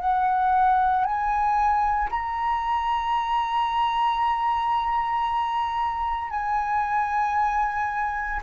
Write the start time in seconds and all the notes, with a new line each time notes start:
0.00 F#5
1.05 G#5
2.11 A#5
6.30 G#5